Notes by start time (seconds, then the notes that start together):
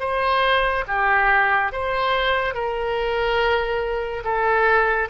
0.00 C5
0.88 G4
1.72 C5
2.54 A#4
4.24 A4